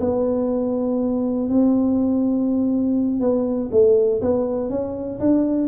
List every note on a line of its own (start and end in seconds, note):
0.00 1.49 B3
1.49 3.20 C4
3.20 3.70 B3
3.71 4.21 A3
4.21 4.69 B3
4.69 5.19 C#4
5.20 5.68 D4